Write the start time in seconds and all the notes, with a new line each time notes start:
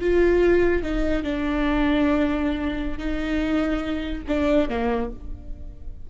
0.00 F4
0.82 D#4
1.23 D4
2.98 D#4
4.28 D4
4.69 A#3